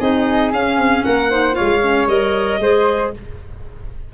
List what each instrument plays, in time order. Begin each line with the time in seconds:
0.00 tuba C4, clarinet D#4, flute G#4, violin D#5
0.52 tuba C#4, clarinet C#4, violin F5
0.78 tuba C4
1.05 tuba A#3, flute A#4, violin F#5
1.30 clarinet D#4, flute C5
1.53 clarinet F4, flute C#5, violin F5
1.60 tuba G#3
1.83 clarinet C#4
2.08 tuba G3, clarinet A#4, violin D#5
2.60 tuba G#3, clarinet G#4, flute C5